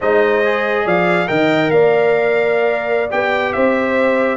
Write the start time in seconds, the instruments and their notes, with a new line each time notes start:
0.00 tuba G#3, trombone D#4, horn C5, trumpet D#5
0.44 trombone G#4
0.85 tuba F3, horn D5, trumpet F5
1.27 tuba D#3, trombone A#4, horn D#5, trumpet G5
1.70 tuba A#3, horn D5, trumpet F5
3.10 tuba B3, trombone G4, trumpet G5
3.52 tuba C4, horn C5, trumpet E5